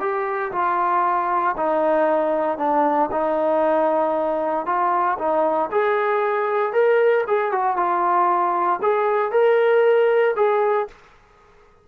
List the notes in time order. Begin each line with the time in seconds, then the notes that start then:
0.00 G4
0.52 F4
1.57 D#4
2.58 D4
3.12 D#4
4.66 F4
5.18 D#4
5.71 G#4
6.73 A#4
7.27 G#4
7.52 F#4
7.76 F4
8.82 G#4
9.32 A#4
10.36 G#4